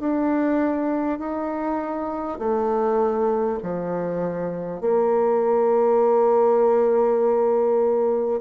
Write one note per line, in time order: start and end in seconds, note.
0.00 1.18 D4
1.18 2.38 D#4
2.38 3.58 A3
3.63 4.81 F3
4.81 8.41 A#3